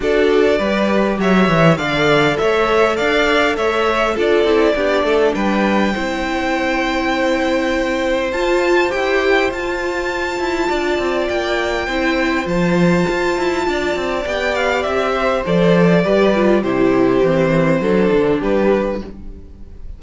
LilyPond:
<<
  \new Staff \with { instrumentName = "violin" } { \time 4/4 \tempo 4 = 101 d''2 e''4 f''4 | e''4 f''4 e''4 d''4~ | d''4 g''2.~ | g''2 a''4 g''4 |
a''2. g''4~ | g''4 a''2. | g''8 f''8 e''4 d''2 | c''2. b'4 | }
  \new Staff \with { instrumentName = "violin" } { \time 4/4 a'4 b'4 cis''4 d''4 | cis''4 d''4 cis''4 a'4 | g'8 a'8 b'4 c''2~ | c''1~ |
c''2 d''2 | c''2. d''4~ | d''4. c''4. b'4 | g'2 a'4 g'4 | }
  \new Staff \with { instrumentName = "viola" } { \time 4/4 fis'4 g'2 a'4~ | a'2. f'8 e'8 | d'2 e'2~ | e'2 f'4 g'4 |
f'1 | e'4 f'2. | g'2 a'4 g'8 f'8 | e'4 c'4 d'2 | }
  \new Staff \with { instrumentName = "cello" } { \time 4/4 d'4 g4 fis8 e8 d4 | a4 d'4 a4 d'8 c'8 | b8 a8 g4 c'2~ | c'2 f'4 e'4 |
f'4. e'8 d'8 c'8 ais4 | c'4 f4 f'8 e'8 d'8 c'8 | b4 c'4 f4 g4 | c4 e4 fis8 d8 g4 | }
>>